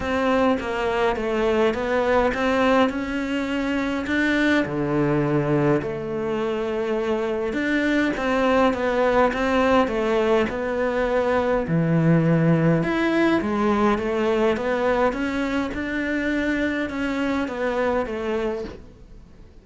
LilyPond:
\new Staff \with { instrumentName = "cello" } { \time 4/4 \tempo 4 = 103 c'4 ais4 a4 b4 | c'4 cis'2 d'4 | d2 a2~ | a4 d'4 c'4 b4 |
c'4 a4 b2 | e2 e'4 gis4 | a4 b4 cis'4 d'4~ | d'4 cis'4 b4 a4 | }